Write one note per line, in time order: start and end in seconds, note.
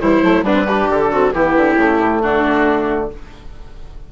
0.00 0.22 E3
0.00 0.22 G3
0.00 0.45 E4
0.00 0.44 C5
0.22 0.43 F#3
0.22 0.44 A3
0.43 0.87 G3
0.43 0.53 B3
0.43 0.67 D4
0.43 0.89 B4
0.53 0.64 C4
0.67 1.11 D4
0.67 1.11 G4
0.90 1.33 D3
0.90 1.33 A4
1.11 1.32 C4
1.11 1.33 F#4
1.32 1.55 E3
1.32 1.76 B3
1.32 2.22 E4
1.32 2.22 G4
1.56 1.76 D3
1.76 1.98 C#3
1.76 3.10 A3
1.99 2.21 A2
2.22 3.12 D3
2.22 3.10 D4
2.22 3.10 F#4